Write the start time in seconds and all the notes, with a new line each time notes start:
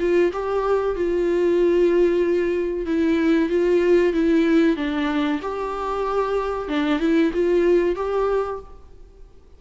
0.00 F4
0.33 G4
0.96 F4
2.86 E4
3.50 F4
4.13 E4
4.77 D4
5.42 G4
6.69 D4
7.00 E4
7.33 F4
7.96 G4